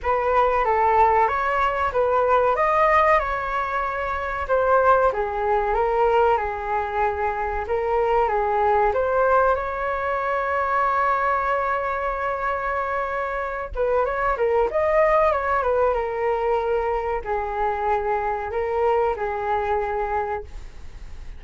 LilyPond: \new Staff \with { instrumentName = "flute" } { \time 4/4 \tempo 4 = 94 b'4 a'4 cis''4 b'4 | dis''4 cis''2 c''4 | gis'4 ais'4 gis'2 | ais'4 gis'4 c''4 cis''4~ |
cis''1~ | cis''4. b'8 cis''8 ais'8 dis''4 | cis''8 b'8 ais'2 gis'4~ | gis'4 ais'4 gis'2 | }